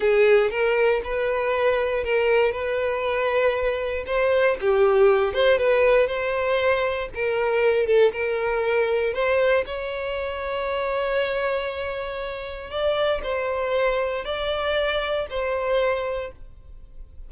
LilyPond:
\new Staff \with { instrumentName = "violin" } { \time 4/4 \tempo 4 = 118 gis'4 ais'4 b'2 | ais'4 b'2. | c''4 g'4. c''8 b'4 | c''2 ais'4. a'8 |
ais'2 c''4 cis''4~ | cis''1~ | cis''4 d''4 c''2 | d''2 c''2 | }